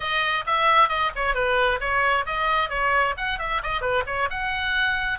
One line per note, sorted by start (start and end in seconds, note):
0.00 0.44 D#5
0.46 0.88 E5
0.88 1.11 D#5
1.15 1.34 C#5
1.34 1.79 B4
1.80 2.25 C#5
2.26 2.69 D#5
2.69 3.14 C#5
3.17 3.39 F#5
3.39 3.61 E5
3.63 3.81 D#5
3.81 4.03 B4
4.06 4.29 C#5
4.30 5.18 F#5